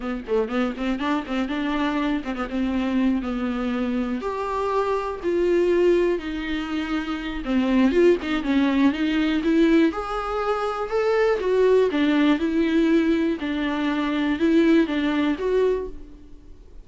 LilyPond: \new Staff \with { instrumentName = "viola" } { \time 4/4 \tempo 4 = 121 b8 a8 b8 c'8 d'8 c'8 d'4~ | d'8 c'16 b16 c'4. b4.~ | b8 g'2 f'4.~ | f'8 dis'2~ dis'8 c'4 |
f'8 dis'8 cis'4 dis'4 e'4 | gis'2 a'4 fis'4 | d'4 e'2 d'4~ | d'4 e'4 d'4 fis'4 | }